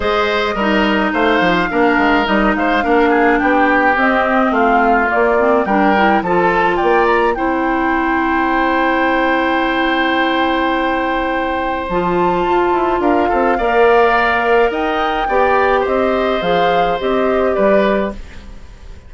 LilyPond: <<
  \new Staff \with { instrumentName = "flute" } { \time 4/4 \tempo 4 = 106 dis''2 f''2 | dis''8 f''4. g''4 dis''4 | f''4 d''4 g''4 a''4 | g''8 ais''8 g''2.~ |
g''1~ | g''4 a''2 f''4~ | f''2 g''2 | dis''4 f''4 dis''4 d''4 | }
  \new Staff \with { instrumentName = "oboe" } { \time 4/4 c''4 ais'4 c''4 ais'4~ | ais'8 c''8 ais'8 gis'8 g'2 | f'2 ais'4 a'4 | d''4 c''2.~ |
c''1~ | c''2. ais'8 a'8 | d''2 dis''4 d''4 | c''2. b'4 | }
  \new Staff \with { instrumentName = "clarinet" } { \time 4/4 gis'4 dis'2 d'4 | dis'4 d'2 c'4~ | c'4 ais8 c'8 d'8 e'8 f'4~ | f'4 e'2.~ |
e'1~ | e'4 f'2. | ais'2. g'4~ | g'4 gis'4 g'2 | }
  \new Staff \with { instrumentName = "bassoon" } { \time 4/4 gis4 g4 a8 f8 ais8 gis8 | g8 gis8 ais4 b4 c'4 | a4 ais4 g4 f4 | ais4 c'2.~ |
c'1~ | c'4 f4 f'8 e'8 d'8 c'8 | ais2 dis'4 b4 | c'4 f4 c'4 g4 | }
>>